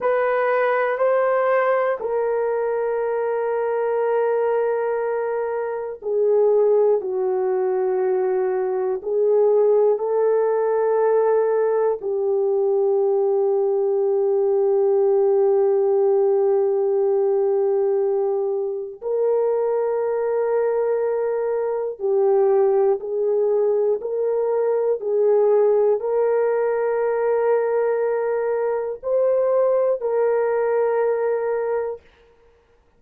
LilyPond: \new Staff \with { instrumentName = "horn" } { \time 4/4 \tempo 4 = 60 b'4 c''4 ais'2~ | ais'2 gis'4 fis'4~ | fis'4 gis'4 a'2 | g'1~ |
g'2. ais'4~ | ais'2 g'4 gis'4 | ais'4 gis'4 ais'2~ | ais'4 c''4 ais'2 | }